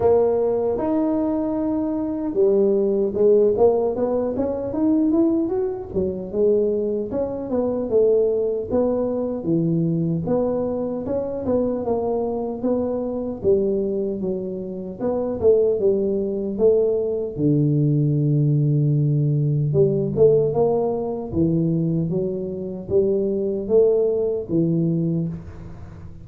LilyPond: \new Staff \with { instrumentName = "tuba" } { \time 4/4 \tempo 4 = 76 ais4 dis'2 g4 | gis8 ais8 b8 cis'8 dis'8 e'8 fis'8 fis8 | gis4 cis'8 b8 a4 b4 | e4 b4 cis'8 b8 ais4 |
b4 g4 fis4 b8 a8 | g4 a4 d2~ | d4 g8 a8 ais4 e4 | fis4 g4 a4 e4 | }